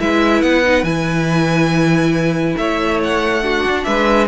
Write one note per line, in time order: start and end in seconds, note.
0.00 0.43 G#3
0.00 0.64 E4
0.00 2.58 B4
0.00 0.42 E5
0.42 0.84 B3
0.42 0.85 F#5
0.64 0.85 D#4
0.84 2.55 E3
0.84 3.42 E4
0.84 2.56 G#5
2.57 3.65 A3
2.57 3.44 C#5
2.57 3.00 E5
3.03 3.85 F#5
3.42 4.28 D4
3.42 3.87 F#4
3.66 3.87 D4
3.85 4.28 G#3
3.85 4.28 B4
3.85 4.27 E5